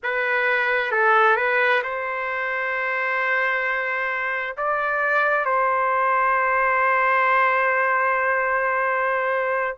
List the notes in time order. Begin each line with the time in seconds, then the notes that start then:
0.03 B4
0.91 A4
1.36 B4
1.83 C5
4.57 D5
5.45 C5